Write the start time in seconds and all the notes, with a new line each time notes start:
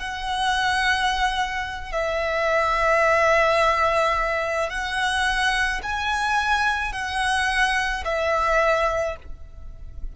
0.00 F#5
1.92 E5
4.70 F#5
5.83 G#5
6.92 F#5
8.05 E5